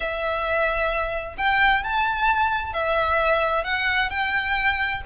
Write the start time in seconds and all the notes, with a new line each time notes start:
0.00 E5
1.37 G5
1.83 A5
2.73 E5
3.64 F#5
4.10 G5